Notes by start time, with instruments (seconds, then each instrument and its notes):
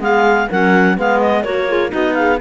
0.00 cello G#3, clarinet B3 F5, horn G#4
0.49 cello F#3, clarinet C#4 F#5, horn A#4
0.97 cello G#3, clarinet B3 F5, horn B4
1.20 clarinet D#5
1.43 cello A#3, clarinet F#4 C#5, horn A#4
1.68 clarinet F4, horn G#4
1.89 cello B3, clarinet D#4 D#5, horn F#4
2.14 horn G#4, clarinet F5